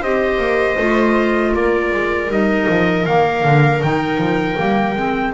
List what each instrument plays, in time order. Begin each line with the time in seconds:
0.00 double bass C4, clarinet G4, viola C5, trumpet D#5
0.38 double bass A#3
0.78 double bass A3, clarinet F4
1.54 double bass A#3, viola A#4, trumpet D5
1.92 double bass G#3
2.28 double bass G3, clarinet D#4, trumpet D#5
2.69 double bass F3
3.05 double bass D#3, clarinet A#3, trumpet F5
3.45 double bass D3
3.82 double bass D#3, clarinet D#4, trumpet G5
4.18 double bass F3
4.56 double bass G3, clarinet A#3
4.96 double bass G#3, clarinet C4